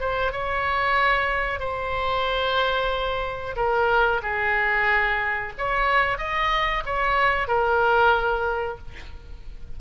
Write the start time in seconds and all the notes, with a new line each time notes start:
0.00 C5
0.32 C#5
1.60 C5
3.56 A#4
4.22 G#4
5.58 C#5
6.18 D#5
6.86 C#5
7.48 A#4